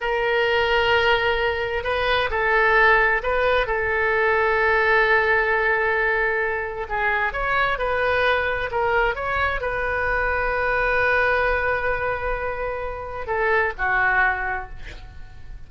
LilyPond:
\new Staff \with { instrumentName = "oboe" } { \time 4/4 \tempo 4 = 131 ais'1 | b'4 a'2 b'4 | a'1~ | a'2. gis'4 |
cis''4 b'2 ais'4 | cis''4 b'2.~ | b'1~ | b'4 a'4 fis'2 | }